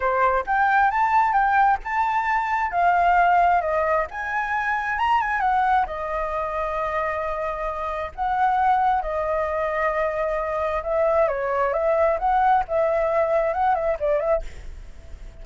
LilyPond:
\new Staff \with { instrumentName = "flute" } { \time 4/4 \tempo 4 = 133 c''4 g''4 a''4 g''4 | a''2 f''2 | dis''4 gis''2 ais''8 gis''8 | fis''4 dis''2.~ |
dis''2 fis''2 | dis''1 | e''4 cis''4 e''4 fis''4 | e''2 fis''8 e''8 d''8 e''8 | }